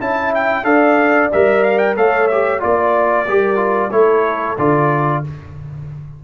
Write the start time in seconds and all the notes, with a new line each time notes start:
0.00 C#4 E4 E5 A5
0.34 G5
0.63 D4 A4 D5 F5
1.32 G3 A#4 E5
1.63 F5
1.78 G5
1.96 A3 A4 C#5 F5
2.27 G4 E5
2.60 A#3 F4 D5
3.26 G3 G4 A#4
3.56 F4
3.90 A3 E4 A4 C#5
4.58 D3 F4 D5